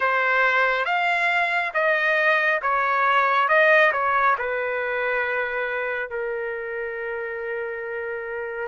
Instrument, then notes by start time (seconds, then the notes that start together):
trumpet
0.00 C5
0.85 F5
1.74 D#5
2.62 C#5
3.48 D#5
3.92 C#5
4.38 B4
6.09 A#4